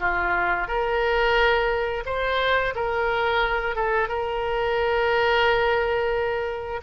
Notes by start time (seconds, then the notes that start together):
0.00 F4
0.68 A#4
2.05 C5
2.75 A#4
3.75 A4
4.08 A#4